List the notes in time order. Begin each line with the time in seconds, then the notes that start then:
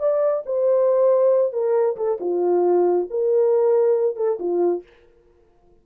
0.00 D5
0.46 C5
1.53 A#4
1.97 A4
2.21 F4
3.11 A#4
4.17 A4
4.40 F4